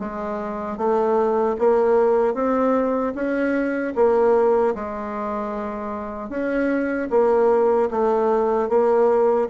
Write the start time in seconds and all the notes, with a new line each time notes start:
0.00 G#3
0.78 A3
1.59 A#3
2.35 C4
3.15 C#4
3.96 A#3
4.75 G#3
6.30 C#4
7.11 A#3
7.91 A3
8.69 A#3